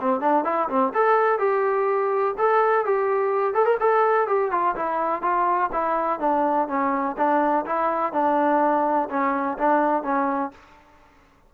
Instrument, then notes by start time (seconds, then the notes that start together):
trombone
0.00 C4
0.20 D4
0.44 E4
0.69 C4
0.94 A4
1.38 G4
2.38 A4
2.85 G4
3.53 A4
3.65 A#4
3.80 A4
4.27 G4
4.51 F4
4.75 E4
5.22 F4
5.72 E4
6.19 D4
6.68 C#4
7.17 D4
7.65 E4
8.13 D4
9.09 C#4
9.58 D4
10.03 C#4